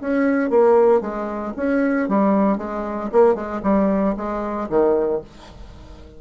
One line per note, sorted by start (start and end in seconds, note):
0.00 0.50 C#4
0.50 1.00 A#3
1.00 1.52 G#3
1.56 2.08 C#4
2.08 2.57 G3
2.57 3.09 G#3
3.12 3.34 A#3
3.34 3.60 G#3
3.63 4.15 G3
4.16 4.69 G#3
4.69 5.21 D#3